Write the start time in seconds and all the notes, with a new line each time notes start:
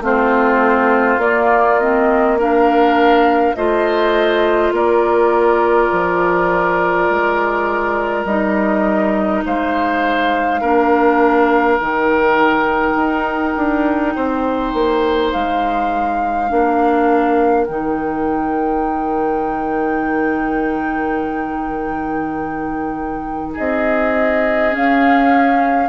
0.00 A3 C4 F4 C5
1.17 A#3 D5
1.79 C4 D#5
2.37 D4 A#4 F5
3.55 A3 F4 C5 D#5
4.71 A#3 A#4 D5
5.92 F3
7.09 G#3
8.24 G3 D#4 D#5
9.45 G#3 C5 F5
10.60 A#3 D4 A#4
11.78 D#3 D#4 G5
12.95 D#4
13.56 D4
14.15 C4 C5
14.73 A#3
15.31 G#3 F5
16.49 A#3 D4 A#4
17.64 D#3 D#4 G5
23.53 C4 G#4 D#5
24.71 C#4 F5